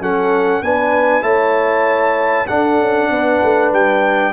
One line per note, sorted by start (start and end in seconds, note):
0.00 0.62 F#3
0.00 0.64 C#4
0.00 0.64 A4
0.00 0.63 F#5
0.62 1.23 B3
0.62 1.22 D4
0.62 1.24 B4
0.62 1.23 G#5
1.22 2.46 A3
1.22 2.46 E4
1.22 2.48 C#5
1.22 2.47 A5
2.48 4.33 D4
2.48 2.80 D4
2.48 3.10 A4
2.48 3.71 F#5
2.80 3.10 C#4
3.10 3.41 B3
3.10 4.33 B4
3.43 3.73 A3
3.73 4.33 G3
3.73 4.33 G5